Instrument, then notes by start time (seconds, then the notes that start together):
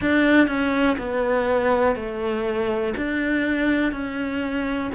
cello
0.00 D4
0.47 C#4
0.98 B3
1.95 A3
2.96 D4
3.92 C#4